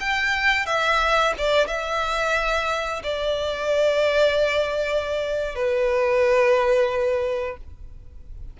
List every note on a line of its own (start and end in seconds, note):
0.00 0.66 G5
0.66 1.33 E5
1.38 1.67 D5
1.67 3.02 E5
3.03 5.55 D5
5.55 7.57 B4